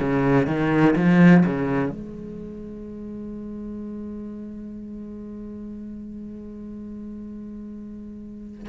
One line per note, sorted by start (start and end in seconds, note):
0.00 0.47 C#3
0.47 0.95 D#3
0.96 1.44 F3
1.46 1.90 C#3
1.90 8.68 G#3